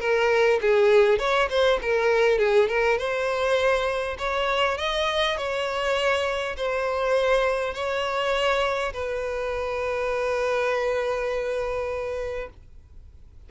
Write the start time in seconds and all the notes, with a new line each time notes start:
0.00 A#4
0.61 G#4
1.19 C#5
1.50 C5
1.82 A#4
2.38 G#4
2.68 A#4
2.98 C5
4.18 C#5
4.77 D#5
5.37 C#5
6.56 C5
7.74 C#5
8.93 B4